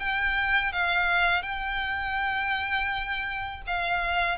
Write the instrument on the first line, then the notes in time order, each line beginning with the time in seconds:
violin
0.00 G5
0.73 F5
1.43 G5
3.67 F5